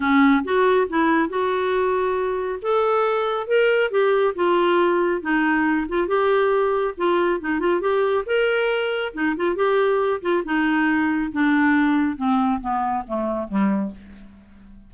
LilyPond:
\new Staff \with { instrumentName = "clarinet" } { \time 4/4 \tempo 4 = 138 cis'4 fis'4 e'4 fis'4~ | fis'2 a'2 | ais'4 g'4 f'2 | dis'4. f'8 g'2 |
f'4 dis'8 f'8 g'4 ais'4~ | ais'4 dis'8 f'8 g'4. f'8 | dis'2 d'2 | c'4 b4 a4 g4 | }